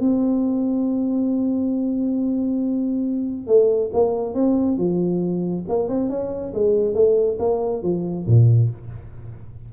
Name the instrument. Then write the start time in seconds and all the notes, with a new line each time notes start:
tuba
0.00 C4
3.47 A3
3.93 A#3
4.34 C4
4.77 F3
5.69 A#3
5.89 C4
6.09 C#4
6.54 G#3
6.94 A3
7.39 A#3
7.83 F3
8.26 A#2